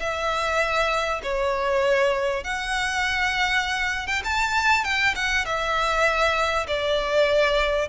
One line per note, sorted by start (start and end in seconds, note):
0.00 1.21 E5
1.23 2.44 C#5
2.44 4.07 F#5
4.07 4.22 G5
4.24 4.84 A5
4.84 5.15 G5
5.15 5.45 F#5
5.45 6.67 E5
6.67 7.88 D5